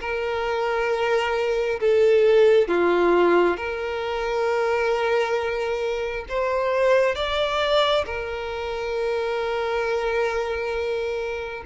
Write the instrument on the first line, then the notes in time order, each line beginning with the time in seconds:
violin
0.00 A#4
1.80 A4
2.68 F4
3.56 A#4
6.28 C5
7.15 D5
8.05 A#4